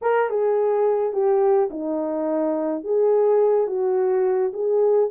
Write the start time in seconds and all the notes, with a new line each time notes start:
0.01 A#4
0.29 G#4
1.12 G4
1.70 D#4
2.83 G#4
3.67 F#4
4.53 G#4